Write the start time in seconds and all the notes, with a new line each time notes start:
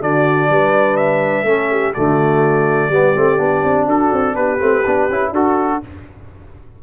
0.00 D3 D4 F#4 D5
0.49 G3 B4
0.96 E5
1.42 A3 C#4 A4
1.70 G4
1.93 D3 A3 F#4 D5
2.89 G3 B3 G4
3.14 A3 C4
3.37 B3 D4
3.63 C4
3.86 D4 F#4 A4
4.12 C4
4.35 B3 G4 B4
4.58 A3 C4
4.86 B3 D4
5.09 C#4 E4
5.31 D4 F#4 A4